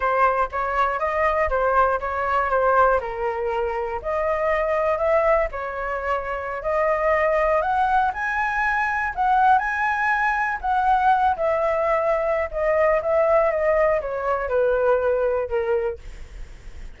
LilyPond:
\new Staff \with { instrumentName = "flute" } { \time 4/4 \tempo 4 = 120 c''4 cis''4 dis''4 c''4 | cis''4 c''4 ais'2 | dis''2 e''4 cis''4~ | cis''4~ cis''16 dis''2 fis''8.~ |
fis''16 gis''2 fis''4 gis''8.~ | gis''4~ gis''16 fis''4. e''4~ e''16~ | e''4 dis''4 e''4 dis''4 | cis''4 b'2 ais'4 | }